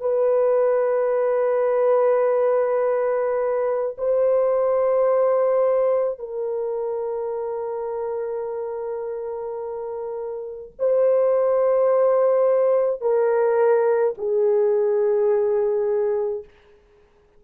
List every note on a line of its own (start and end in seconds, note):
0.00 3.96 B4
3.98 6.19 C5
6.19 10.72 A#4
10.79 13.01 C5
13.01 14.14 A#4
14.18 16.45 G#4